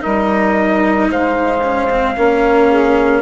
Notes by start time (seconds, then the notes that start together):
0.00 G3 D#4 A#4 D#5
1.10 G#3 C5 F5
1.62 C#4
1.90 C4
2.15 A#3 C#4 A#4
2.67 G#4